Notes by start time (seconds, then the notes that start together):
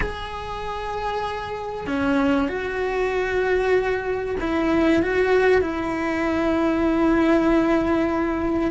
0.00 G#4
1.86 C#4
2.48 F#4
4.40 E4
5.02 F#4
5.61 E4